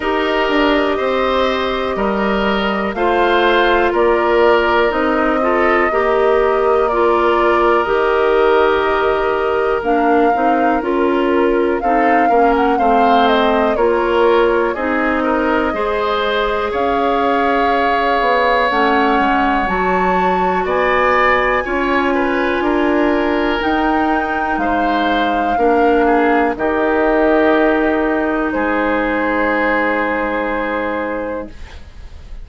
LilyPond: <<
  \new Staff \with { instrumentName = "flute" } { \time 4/4 \tempo 4 = 61 dis''2. f''4 | d''4 dis''2 d''4 | dis''2 f''4 ais'4 | f''8. fis''16 f''8 dis''8 cis''4 dis''4~ |
dis''4 f''2 fis''4 | a''4 gis''2. | g''4 f''2 dis''4~ | dis''4 c''2. | }
  \new Staff \with { instrumentName = "oboe" } { \time 4/4 ais'4 c''4 ais'4 c''4 | ais'4. a'8 ais'2~ | ais'1 | a'8 ais'8 c''4 ais'4 gis'8 ais'8 |
c''4 cis''2.~ | cis''4 d''4 cis''8 b'8 ais'4~ | ais'4 c''4 ais'8 gis'8 g'4~ | g'4 gis'2. | }
  \new Staff \with { instrumentName = "clarinet" } { \time 4/4 g'2. f'4~ | f'4 dis'8 f'8 g'4 f'4 | g'2 d'8 dis'8 f'4 | dis'8 cis'8 c'4 f'4 dis'4 |
gis'2. cis'4 | fis'2 f'2 | dis'2 d'4 dis'4~ | dis'1 | }
  \new Staff \with { instrumentName = "bassoon" } { \time 4/4 dis'8 d'8 c'4 g4 a4 | ais4 c'4 ais2 | dis2 ais8 c'8 cis'4 | c'8 ais8 a4 ais4 c'4 |
gis4 cis'4. b8 a8 gis8 | fis4 b4 cis'4 d'4 | dis'4 gis4 ais4 dis4~ | dis4 gis2. | }
>>